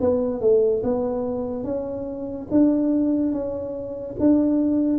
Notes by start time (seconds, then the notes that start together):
0.00 B3
0.40 A3
0.83 B3
1.64 C#4
2.50 D4
3.32 C#4
4.19 D4